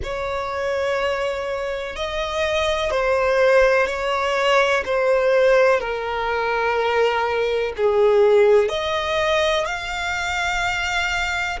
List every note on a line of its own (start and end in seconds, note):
0.03 1.96 C#5
1.96 2.90 D#5
2.90 3.87 C5
3.87 4.83 C#5
4.85 5.79 C5
5.79 7.73 A#4
7.76 8.68 G#4
8.68 9.65 D#5
9.65 11.59 F5